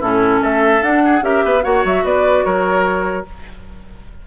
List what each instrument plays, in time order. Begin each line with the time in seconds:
0.00 bassoon A2, clarinet C#4, oboe E4, flute A4
0.42 bassoon A3, oboe A4, flute E5
0.82 bassoon D4, clarinet D4, flute F#5
1.05 oboe G#4
1.22 bassoon C#4, clarinet G4, oboe A#4, flute E5
1.45 bassoon B3, oboe B4
1.63 bassoon A#3, clarinet F#4, oboe C#5, flute F#5
1.85 bassoon F#3, flute E5
2.05 bassoon B3, oboe B4, flute D5
2.45 bassoon F#3, oboe A#4, flute C#5